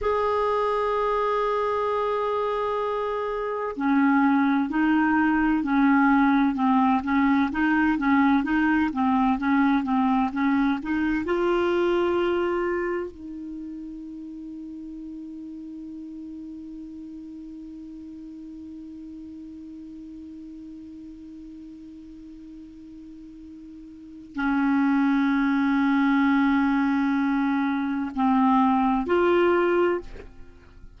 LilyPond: \new Staff \with { instrumentName = "clarinet" } { \time 4/4 \tempo 4 = 64 gis'1 | cis'4 dis'4 cis'4 c'8 cis'8 | dis'8 cis'8 dis'8 c'8 cis'8 c'8 cis'8 dis'8 | f'2 dis'2~ |
dis'1~ | dis'1~ | dis'2 cis'2~ | cis'2 c'4 f'4 | }